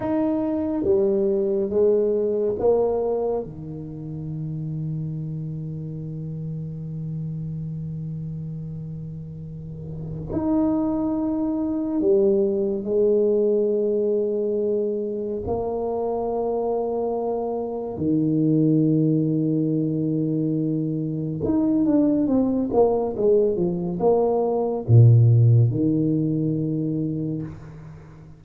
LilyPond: \new Staff \with { instrumentName = "tuba" } { \time 4/4 \tempo 4 = 70 dis'4 g4 gis4 ais4 | dis1~ | dis1 | dis'2 g4 gis4~ |
gis2 ais2~ | ais4 dis2.~ | dis4 dis'8 d'8 c'8 ais8 gis8 f8 | ais4 ais,4 dis2 | }